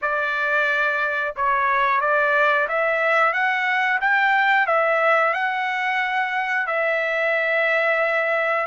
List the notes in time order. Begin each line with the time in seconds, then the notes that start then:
0.01 D5
1.35 C#5
2.01 D5
2.68 E5
3.33 F#5
4.00 G5
4.66 E5
5.33 F#5
6.66 E5